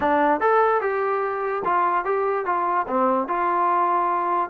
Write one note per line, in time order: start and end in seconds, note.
0.00 0.40 D4
0.40 0.81 A4
0.81 1.62 G4
1.64 2.04 F4
2.04 2.45 G4
2.45 2.86 F4
2.87 3.28 C4
3.28 4.50 F4